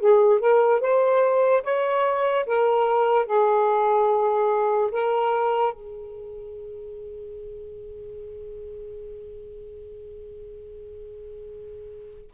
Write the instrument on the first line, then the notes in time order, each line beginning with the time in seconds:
saxophone
0.00 G#4
0.40 A#4
0.81 C5
1.63 C#5
2.47 A#4
3.26 G#4
4.92 A#4
5.73 G#4